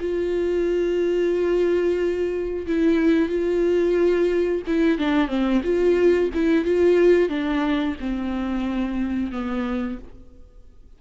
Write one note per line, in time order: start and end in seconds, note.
0.00 2.67 F4
2.67 3.29 E4
3.29 4.63 F4
4.67 4.99 E4
4.99 5.28 D4
5.28 5.62 C4
5.64 6.31 F4
6.34 6.65 E4
6.65 7.29 F4
7.29 7.96 D4
8.00 9.32 C4
9.32 9.99 B3